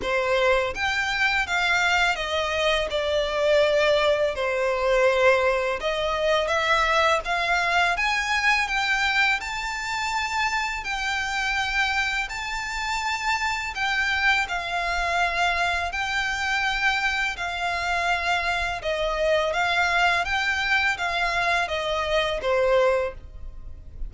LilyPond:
\new Staff \with { instrumentName = "violin" } { \time 4/4 \tempo 4 = 83 c''4 g''4 f''4 dis''4 | d''2 c''2 | dis''4 e''4 f''4 gis''4 | g''4 a''2 g''4~ |
g''4 a''2 g''4 | f''2 g''2 | f''2 dis''4 f''4 | g''4 f''4 dis''4 c''4 | }